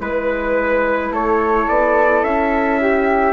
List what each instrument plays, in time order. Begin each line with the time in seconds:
0.00 bassoon G#3, viola E4, trumpet B4, flute B4
1.10 bassoon A3, flute A4, trumpet C#5
1.68 bassoon B3, trumpet D5
2.23 bassoon C#4, trumpet E5
2.80 flute G4